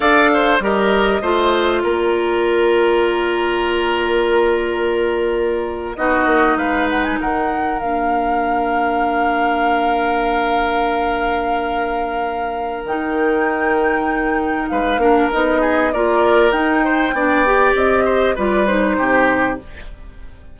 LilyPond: <<
  \new Staff \with { instrumentName = "flute" } { \time 4/4 \tempo 4 = 98 f''4 dis''2 d''4~ | d''1~ | d''4.~ d''16 dis''4 f''8 fis''16 gis''16 fis''16~ | fis''8. f''2.~ f''16~ |
f''1~ | f''4 g''2. | f''4 dis''4 d''4 g''4~ | g''4 dis''4 d''8 c''4. | }
  \new Staff \with { instrumentName = "oboe" } { \time 4/4 d''8 c''8 ais'4 c''4 ais'4~ | ais'1~ | ais'4.~ ais'16 fis'4 b'4 ais'16~ | ais'1~ |
ais'1~ | ais'1 | b'8 ais'4 gis'8 ais'4. c''8 | d''4. c''8 b'4 g'4 | }
  \new Staff \with { instrumentName = "clarinet" } { \time 4/4 a'4 g'4 f'2~ | f'1~ | f'4.~ f'16 dis'2~ dis'16~ | dis'8. d'2.~ d'16~ |
d'1~ | d'4 dis'2.~ | dis'8 d'8 dis'4 f'4 dis'4 | d'8 g'4. f'8 dis'4. | }
  \new Staff \with { instrumentName = "bassoon" } { \time 4/4 d'4 g4 a4 ais4~ | ais1~ | ais4.~ ais16 b8 ais8 gis4 dis16~ | dis8. ais2.~ ais16~ |
ais1~ | ais4 dis2. | gis8 ais8 b4 ais4 dis'4 | b4 c'4 g4 c4 | }
>>